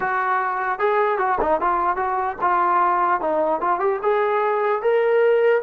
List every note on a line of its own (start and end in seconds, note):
0.00 0.79 F#4
0.79 1.18 G#4
1.18 1.38 F#4
1.41 1.60 D#4
1.60 1.96 F4
1.96 2.36 F#4
2.41 3.21 F4
3.21 3.60 D#4
3.60 3.79 F4
3.79 3.99 G4
4.02 4.82 G#4
4.82 5.62 A#4